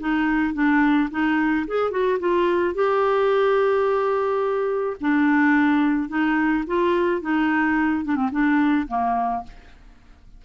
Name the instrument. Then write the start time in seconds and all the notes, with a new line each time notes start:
clarinet
0.00 D#4
0.54 D4
1.11 D#4
1.68 G#4
1.91 F#4
2.20 F4
2.75 G4
5.01 D4
6.09 D#4
6.67 F4
7.21 D#4
8.05 D4
8.16 C4
8.32 D4
8.88 A#3